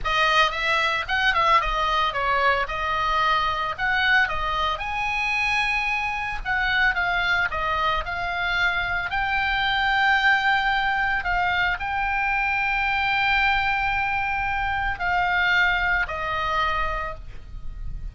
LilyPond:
\new Staff \with { instrumentName = "oboe" } { \time 4/4 \tempo 4 = 112 dis''4 e''4 fis''8 e''8 dis''4 | cis''4 dis''2 fis''4 | dis''4 gis''2. | fis''4 f''4 dis''4 f''4~ |
f''4 g''2.~ | g''4 f''4 g''2~ | g''1 | f''2 dis''2 | }